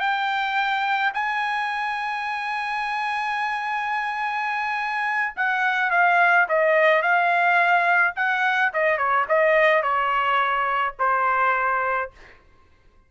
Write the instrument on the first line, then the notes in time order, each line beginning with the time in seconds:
trumpet
0.00 G5
1.14 G#5
5.36 F#5
5.91 F5
6.49 D#5
7.02 F5
8.16 F#5
8.73 D#5
8.98 C#5
9.29 D#5
9.83 C#5
10.99 C5